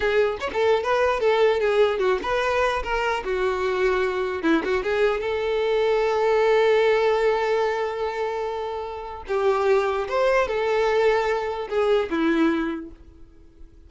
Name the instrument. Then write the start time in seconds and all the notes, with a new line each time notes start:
violin
0.00 G#4
0.40 C#5
0.53 A4
0.83 B4
1.20 A4
1.60 G#4
1.99 F#4
2.22 B4
2.83 A#4
3.24 F#4
4.42 E4
4.64 F#4
4.83 G#4
5.20 A4
9.27 G4
10.08 C5
10.47 A4
11.69 G#4
12.10 E4